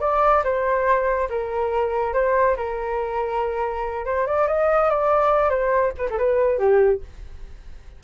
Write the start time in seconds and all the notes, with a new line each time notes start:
0.00 D5
0.43 C5
1.29 A#4
2.13 C5
2.56 A#4
4.05 C5
4.26 D5
4.47 D#5
4.89 D5
5.50 C5
5.98 B4
6.10 A4
6.18 B4
6.58 G4